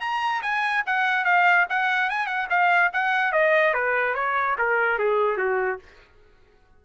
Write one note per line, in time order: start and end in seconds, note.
0.00 0.41 A#5
0.42 0.84 G#5
0.86 1.25 F#5
1.25 1.66 F5
1.69 2.10 F#5
2.10 2.26 G#5
2.26 2.47 F#5
2.49 2.91 F5
2.93 3.32 F#5
3.32 3.74 D#5
3.74 4.15 B4
4.15 4.56 C#5
4.58 4.98 A#4
4.98 5.37 G#4
5.37 5.79 F#4